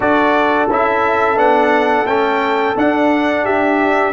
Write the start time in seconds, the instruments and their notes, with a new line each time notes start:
0.00 tuba D4, trombone F#4, horn A4, trumpet D5
0.69 tuba C#4, trombone E4, trumpet E5
1.36 tuba B3, trombone D4, trumpet F#5
2.06 tuba A3, trombone C#4, trumpet G5
2.75 trombone D4, tuba D4, trumpet F#5
3.44 horn G4, trumpet E5